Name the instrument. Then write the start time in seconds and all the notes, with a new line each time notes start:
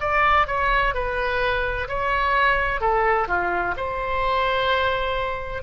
oboe
0.00 D5
0.47 C#5
0.94 B4
1.88 C#5
2.80 A4
3.27 F4
3.76 C5